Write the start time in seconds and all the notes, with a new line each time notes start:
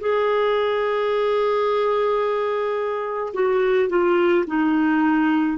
0.00 G#4
3.34 F#4
3.89 F4
4.47 D#4